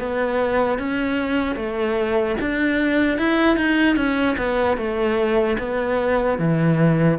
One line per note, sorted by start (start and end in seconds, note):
0.00 0.79 B3
0.79 1.56 C#4
1.56 2.36 A3
2.41 3.19 D4
3.19 3.57 E4
3.57 3.96 D#4
3.96 4.36 C#4
4.38 4.78 B3
4.78 5.58 A3
5.59 6.39 B3
6.39 7.19 E3